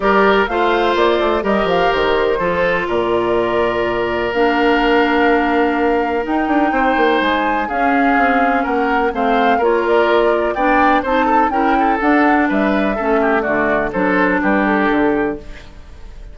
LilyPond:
<<
  \new Staff \with { instrumentName = "flute" } { \time 4/4 \tempo 4 = 125 d''4 f''4 d''4 dis''8 f''8 | c''2 d''2~ | d''4 f''2.~ | f''4 g''2 gis''4 |
f''2 fis''4 f''4 | cis''8 d''4. g''4 a''4 | g''4 fis''4 e''2 | d''4 c''4 b'8 a'4. | }
  \new Staff \with { instrumentName = "oboe" } { \time 4/4 ais'4 c''2 ais'4~ | ais'4 a'4 ais'2~ | ais'1~ | ais'2 c''2 |
gis'2 ais'4 c''4 | ais'2 d''4 c''8 a'8 | ais'8 a'4. b'4 a'8 g'8 | fis'4 a'4 g'2 | }
  \new Staff \with { instrumentName = "clarinet" } { \time 4/4 g'4 f'2 g'4~ | g'4 f'2.~ | f'4 d'2.~ | d'4 dis'2. |
cis'2. c'4 | f'2 d'4 dis'4 | e'4 d'2 cis'4 | a4 d'2. | }
  \new Staff \with { instrumentName = "bassoon" } { \time 4/4 g4 a4 ais8 a8 g8 f8 | dis4 f4 ais,2~ | ais,4 ais2.~ | ais4 dis'8 d'8 c'8 ais8 gis4 |
cis'4 c'4 ais4 a4 | ais2 b4 c'4 | cis'4 d'4 g4 a4 | d4 fis4 g4 d4 | }
>>